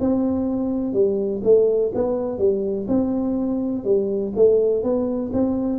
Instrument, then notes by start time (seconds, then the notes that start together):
tuba
0.00 C4
0.93 G3
1.44 A3
1.94 B3
2.38 G3
2.88 C4
3.84 G3
4.35 A3
4.83 B3
5.33 C4